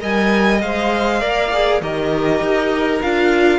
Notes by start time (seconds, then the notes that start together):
0.00 G3 A#4 D#5 G#5
0.61 G#3 C5 F5
1.21 A#3 A#4 D5
1.53 G#4
1.81 D#3 G4 A#4 D#5
2.41 D#4
3.01 D4 F4 F5